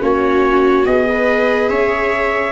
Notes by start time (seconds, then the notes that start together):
0.00 A#3 C#4 F#4 C#5
0.85 B3 G#4 D#5
1.09 B4
1.69 C#4 C#5 E5